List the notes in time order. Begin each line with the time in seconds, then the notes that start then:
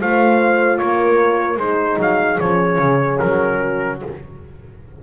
0.00 A3 F4 C5 F5
0.78 A#3 A#4 C#5
1.57 G#3 D#4 G#4 C5
1.99 F#3 F5
2.40 F3 C#4 C#5
2.79 C#3
3.20 F#3 A#4
3.60 F#4